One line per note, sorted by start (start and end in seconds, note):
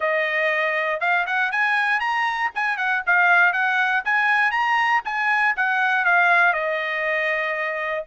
0.00 1.00 D#5
1.00 1.25 F5
1.26 1.51 F#5
1.51 2.00 G#5
2.00 2.50 A#5
2.55 2.77 G#5
2.77 3.02 F#5
3.06 3.52 F5
3.52 4.03 F#5
4.04 4.51 G#5
4.51 5.01 A#5
5.04 5.55 G#5
5.56 6.04 F#5
6.04 6.53 F5
6.53 8.04 D#5